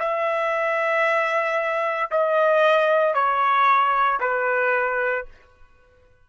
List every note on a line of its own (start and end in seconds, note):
0.00 2.11 E5
2.11 3.15 D#5
3.15 4.20 C#5
4.21 5.26 B4